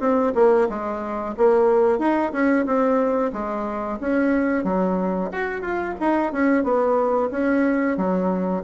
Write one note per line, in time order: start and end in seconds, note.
0.00 0.33 C4
0.35 0.68 A#3
0.69 1.35 G#3
1.37 1.99 A#3
1.99 2.32 D#4
2.33 2.66 C#4
2.66 3.32 C4
3.33 3.99 G#3
4.00 4.64 C#4
4.64 5.30 F#3
5.32 5.61 F#4
5.61 5.94 F4
6.00 6.33 D#4
6.33 6.64 C#4
6.64 7.29 B3
7.31 7.97 C#4
7.97 8.63 F#3